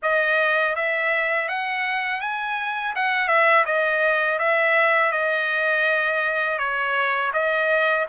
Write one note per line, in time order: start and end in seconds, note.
0.02 0.75 D#5
0.75 1.48 E5
1.48 2.21 F#5
2.21 2.94 G#5
2.95 3.28 F#5
3.28 3.64 E5
3.65 4.38 D#5
4.38 5.12 E5
5.12 6.58 D#5
6.58 7.31 C#5
7.33 8.06 D#5